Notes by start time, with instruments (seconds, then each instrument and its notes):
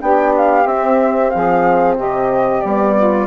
0.00 bassoon B3, horn D4, saxophone G4, flute G5
0.37 flute F5
0.65 bassoon C4, horn C4, flute E5
1.30 bassoon F3, saxophone G#4, flute F5
1.96 bassoon C3, saxophone G4, flute D#5
2.61 bassoon G3, horn B3, flute D5
2.97 saxophone F4